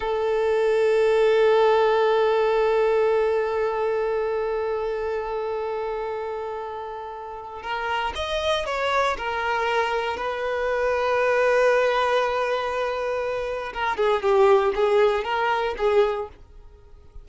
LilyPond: \new Staff \with { instrumentName = "violin" } { \time 4/4 \tempo 4 = 118 a'1~ | a'1~ | a'1~ | a'2. ais'4 |
dis''4 cis''4 ais'2 | b'1~ | b'2. ais'8 gis'8 | g'4 gis'4 ais'4 gis'4 | }